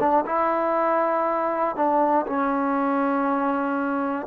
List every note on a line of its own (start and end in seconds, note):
0.00 0.25 D4
0.26 1.75 E4
1.75 2.25 D4
2.26 4.26 C#4